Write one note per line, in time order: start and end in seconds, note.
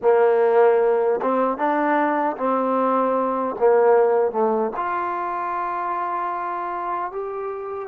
0.02 1.20 A#3
1.21 1.57 C4
1.57 2.36 D4
2.37 3.55 C4
3.59 4.31 A#3
4.31 4.71 A3
4.76 7.11 F4
7.11 7.88 G4